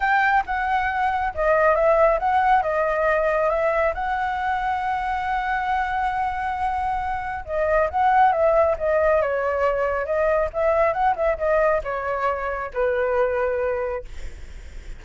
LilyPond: \new Staff \with { instrumentName = "flute" } { \time 4/4 \tempo 4 = 137 g''4 fis''2 dis''4 | e''4 fis''4 dis''2 | e''4 fis''2.~ | fis''1~ |
fis''4 dis''4 fis''4 e''4 | dis''4 cis''2 dis''4 | e''4 fis''8 e''8 dis''4 cis''4~ | cis''4 b'2. | }